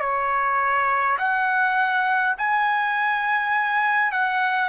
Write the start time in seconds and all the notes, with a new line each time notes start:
0.00 C#5
1.18 F#5
2.37 G#5
4.12 F#5